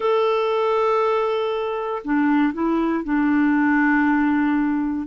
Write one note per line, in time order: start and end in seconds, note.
0.00 2.02 A4
2.04 2.53 D4
2.53 3.04 E4
3.04 5.07 D4